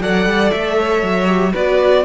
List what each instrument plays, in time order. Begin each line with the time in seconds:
0.00 cello F#3, viola A4, violin D5 F#5
0.25 cello G3
0.51 cello A3, violin E5
0.79 violin C#5
1.02 cello F#3
1.26 viola G4
1.53 cello B3, viola F#4, violin B4 D5